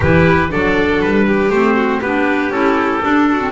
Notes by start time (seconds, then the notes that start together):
0.00 E3 E4 G4 B4
0.49 F#3 D4 A4 D5
1.01 G3 B4
1.27 G4
1.49 A3 C4 C5
1.76 F#4
2.00 B3 D4 G4 B4
2.49 C#4 E4 A4
3.01 D4
3.31 F#4
3.39 C4